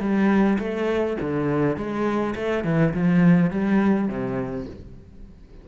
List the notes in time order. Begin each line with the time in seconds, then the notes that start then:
0.00 G3
0.59 A3
1.22 D3
1.77 G#3
2.36 A3
2.65 E3
2.94 F3
3.51 G3
4.08 C3